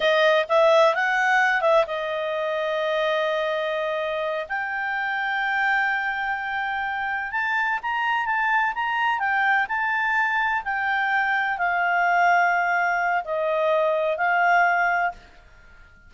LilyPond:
\new Staff \with { instrumentName = "clarinet" } { \time 4/4 \tempo 4 = 127 dis''4 e''4 fis''4. e''8 | dis''1~ | dis''4. g''2~ g''8~ | g''2.~ g''8 a''8~ |
a''8 ais''4 a''4 ais''4 g''8~ | g''8 a''2 g''4.~ | g''8 f''2.~ f''8 | dis''2 f''2 | }